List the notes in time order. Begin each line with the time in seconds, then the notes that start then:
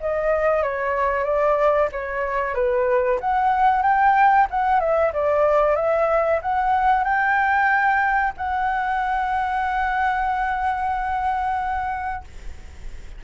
0.00 D#5
0.63 C#5
1.24 D5
1.92 C#5
2.54 B4
3.20 F#5
3.82 G5
4.50 F#5
4.79 E5
5.13 D5
5.75 E5
6.42 F#5
7.04 G5
8.37 F#5